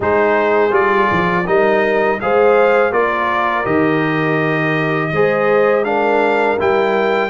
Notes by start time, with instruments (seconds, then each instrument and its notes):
0.00 tuba G#3, trombone D#4, horn G#4, trumpet C5
0.70 tuba G3, trombone F4, trumpet D5
1.11 tuba F3
1.46 tuba G3, trombone D#4, horn A#4, trumpet D#5
2.20 tuba G#3, trombone G#4, horn C5, trumpet F5
2.92 tuba A#3, trombone F4, horn A#4, trumpet D5
3.64 tuba D#3, trombone G4, trumpet D#5
5.12 tuba G#3, trombone G#4, horn C5
5.84 trombone D4, horn A#4, trumpet F5
6.59 tuba G3, trombone E4, trumpet G5